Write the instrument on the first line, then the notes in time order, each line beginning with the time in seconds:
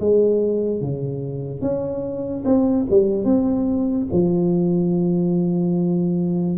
tuba
0.00 G#3
0.81 C#3
1.62 C#4
2.45 C4
2.90 G3
3.25 C4
4.12 F3